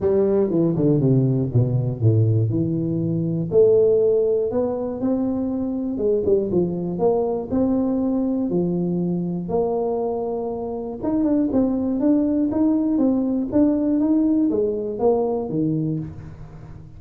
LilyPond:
\new Staff \with { instrumentName = "tuba" } { \time 4/4 \tempo 4 = 120 g4 e8 d8 c4 b,4 | a,4 e2 a4~ | a4 b4 c'2 | gis8 g8 f4 ais4 c'4~ |
c'4 f2 ais4~ | ais2 dis'8 d'8 c'4 | d'4 dis'4 c'4 d'4 | dis'4 gis4 ais4 dis4 | }